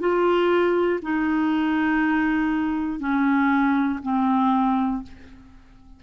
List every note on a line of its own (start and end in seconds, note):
0.00 1.00 F4
1.02 3.00 D#4
3.00 4.00 C#4
4.02 5.02 C4